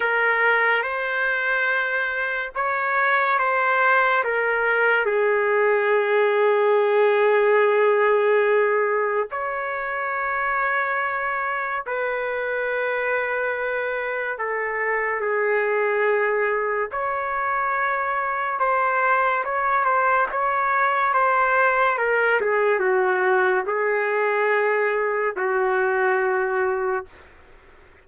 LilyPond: \new Staff \with { instrumentName = "trumpet" } { \time 4/4 \tempo 4 = 71 ais'4 c''2 cis''4 | c''4 ais'4 gis'2~ | gis'2. cis''4~ | cis''2 b'2~ |
b'4 a'4 gis'2 | cis''2 c''4 cis''8 c''8 | cis''4 c''4 ais'8 gis'8 fis'4 | gis'2 fis'2 | }